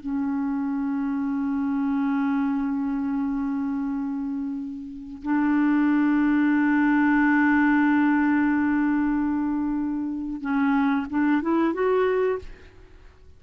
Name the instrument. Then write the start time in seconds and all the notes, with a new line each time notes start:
clarinet
0.00 C#4
5.22 D4
10.41 C#4
11.09 D4
11.42 E4
11.73 F#4